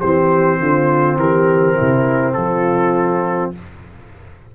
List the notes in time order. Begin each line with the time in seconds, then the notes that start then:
0.00 E3 C4 G4 C5
0.59 D3 F4
1.16 E3 G4 A#4
1.76 C3 E4
2.33 F3 F4 A4